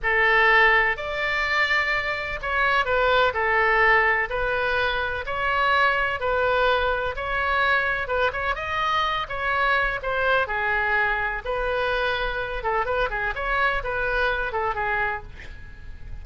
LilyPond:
\new Staff \with { instrumentName = "oboe" } { \time 4/4 \tempo 4 = 126 a'2 d''2~ | d''4 cis''4 b'4 a'4~ | a'4 b'2 cis''4~ | cis''4 b'2 cis''4~ |
cis''4 b'8 cis''8 dis''4. cis''8~ | cis''4 c''4 gis'2 | b'2~ b'8 a'8 b'8 gis'8 | cis''4 b'4. a'8 gis'4 | }